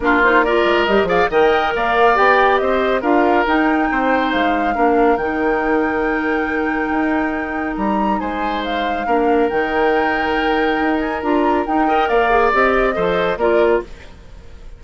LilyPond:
<<
  \new Staff \with { instrumentName = "flute" } { \time 4/4 \tempo 4 = 139 ais'8 c''8 d''4 dis''8 f''8 g''4 | f''4 g''4 dis''4 f''4 | g''2 f''2 | g''1~ |
g''2 ais''4 gis''4 | f''2 g''2~ | g''4. gis''8 ais''4 g''4 | f''4 dis''2 d''4 | }
  \new Staff \with { instrumentName = "oboe" } { \time 4/4 f'4 ais'4. d''8 dis''4 | d''2 c''4 ais'4~ | ais'4 c''2 ais'4~ | ais'1~ |
ais'2. c''4~ | c''4 ais'2.~ | ais'2.~ ais'8 dis''8 | d''2 c''4 ais'4 | }
  \new Staff \with { instrumentName = "clarinet" } { \time 4/4 d'8 dis'8 f'4 g'8 gis'8 ais'4~ | ais'4 g'2 f'4 | dis'2. d'4 | dis'1~ |
dis'1~ | dis'4 d'4 dis'2~ | dis'2 f'4 dis'8 ais'8~ | ais'8 gis'8 g'4 a'4 f'4 | }
  \new Staff \with { instrumentName = "bassoon" } { \time 4/4 ais4. gis8 g8 f8 dis4 | ais4 b4 c'4 d'4 | dis'4 c'4 gis4 ais4 | dis1 |
dis'2 g4 gis4~ | gis4 ais4 dis2~ | dis4 dis'4 d'4 dis'4 | ais4 c'4 f4 ais4 | }
>>